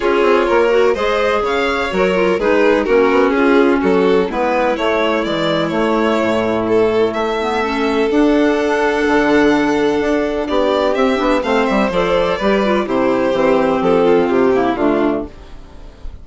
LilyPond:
<<
  \new Staff \with { instrumentName = "violin" } { \time 4/4 \tempo 4 = 126 cis''2 dis''4 f''4 | ais'4 b'4 ais'4 gis'4 | a'4 b'4 cis''4 d''4 | cis''2 a'4 e''4~ |
e''4 fis''2.~ | fis''2 d''4 e''4 | f''8 e''8 d''2 c''4~ | c''4 a'4 g'4 f'4 | }
  \new Staff \with { instrumentName = "violin" } { \time 4/4 gis'4 ais'4 c''4 cis''4~ | cis''4 gis'4 fis'4 f'4 | fis'4 e'2.~ | e'1 |
a'1~ | a'2 g'2 | c''2 b'4 g'4~ | g'4. f'4 e'8 d'4 | }
  \new Staff \with { instrumentName = "clarinet" } { \time 4/4 f'4. fis'8 gis'2 | fis'8 f'8 dis'4 cis'2~ | cis'4 b4 a4 e4 | a2.~ a8 b8 |
cis'4 d'2.~ | d'2. c'8 d'8 | c'4 a'4 g'8 f'8 e'4 | c'2~ c'8 ais8 a4 | }
  \new Staff \with { instrumentName = "bassoon" } { \time 4/4 cis'8 c'8 ais4 gis4 cis4 | fis4 gis4 ais8 b8 cis'4 | fis4 gis4 a4 gis4 | a4 a,2 a4~ |
a4 d'2 d4~ | d4 d'4 b4 c'8 b8 | a8 g8 f4 g4 c4 | e4 f4 c4 d4 | }
>>